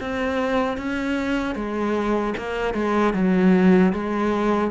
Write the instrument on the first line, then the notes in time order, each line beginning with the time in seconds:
cello
0.00 C4
0.77 C#4
1.55 G#3
2.37 A#3
2.74 G#3
3.14 F#3
3.93 G#3